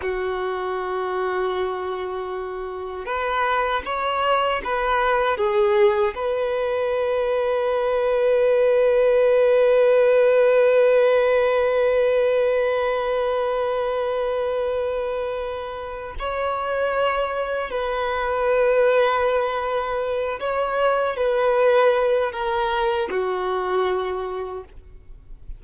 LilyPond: \new Staff \with { instrumentName = "violin" } { \time 4/4 \tempo 4 = 78 fis'1 | b'4 cis''4 b'4 gis'4 | b'1~ | b'1~ |
b'1~ | b'4 cis''2 b'4~ | b'2~ b'8 cis''4 b'8~ | b'4 ais'4 fis'2 | }